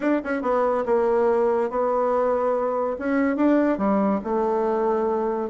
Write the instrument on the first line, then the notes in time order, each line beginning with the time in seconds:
bassoon
0.00 D4
0.24 C#4
0.42 B3
0.85 A#3
1.70 B3
2.98 C#4
3.36 D4
3.77 G3
4.24 A3